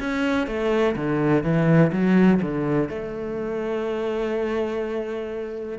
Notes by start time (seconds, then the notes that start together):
0.00 C#4
0.47 A3
0.96 D3
1.43 E3
1.92 F#3
2.42 D3
2.89 A3